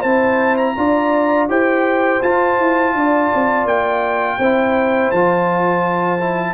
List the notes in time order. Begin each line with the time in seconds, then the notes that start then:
0.00 C4 E4 C5 A5
0.57 A#5
0.77 D4 F4 D5
1.48 E4 G4 C5 G5
2.22 F4 A5
2.58 E4
2.94 D4 D5
3.34 C4
3.65 A#3 G5
4.38 C4 E4 C5
5.11 F3 F4 A5
6.20 E4